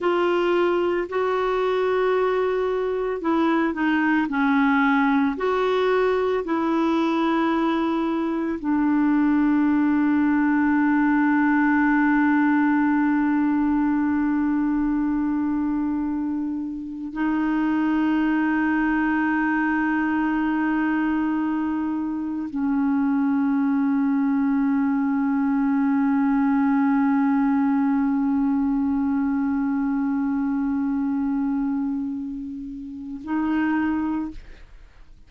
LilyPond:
\new Staff \with { instrumentName = "clarinet" } { \time 4/4 \tempo 4 = 56 f'4 fis'2 e'8 dis'8 | cis'4 fis'4 e'2 | d'1~ | d'1 |
dis'1~ | dis'4 cis'2.~ | cis'1~ | cis'2. dis'4 | }